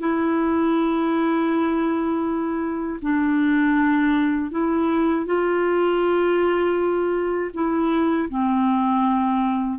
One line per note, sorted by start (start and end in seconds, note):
0.00 3.00 E4
3.02 4.51 D4
4.51 5.26 E4
5.26 7.51 F4
7.54 8.29 E4
8.30 9.79 C4